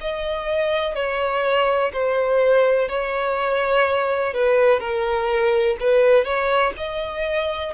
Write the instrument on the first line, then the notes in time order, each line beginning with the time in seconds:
violin
0.00 D#5
0.95 C#5
1.93 C5
2.89 C#5
4.34 B4
4.79 A#4
5.79 B4
6.24 C#5
6.77 D#5